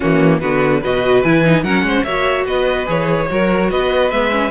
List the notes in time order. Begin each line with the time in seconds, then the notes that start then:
0.00 E3 A#3 C#4 F#4
0.40 D3 B3 F#4 B4
0.80 B2 F#4 B4 D#5
1.23 E3 E4 G#5
1.44 D#4
1.63 F#3 C#4 A#4 F#5
1.82 G#3 C5
2.03 A#3 F#4 C#5 E5
2.45 B3 B4 D#5
2.86 E3 G#4 C#5
3.29 F#3 F#4 A#4
3.70 B3 B4 D#5
4.11 G#3 B3 E5
4.30 C#4